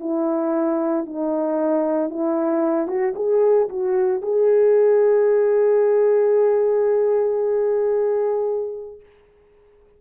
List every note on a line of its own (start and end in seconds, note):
0.00 1.06 E4
1.06 2.10 D#4
2.10 2.87 E4
2.87 3.14 F#4
3.16 3.69 G#4
3.69 4.22 F#4
4.22 9.00 G#4